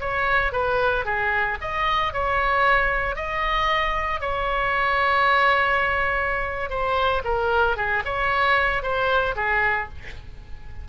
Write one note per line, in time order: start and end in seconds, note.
0.00 0.52 C#5
0.52 1.05 B4
1.05 1.57 G#4
1.61 2.13 D#5
2.13 3.16 C#5
3.16 4.20 D#5
4.20 6.69 C#5
6.69 7.22 C5
7.24 7.76 A#4
7.76 8.03 G#4
8.05 8.82 C#5
8.82 9.35 C5
9.36 9.88 G#4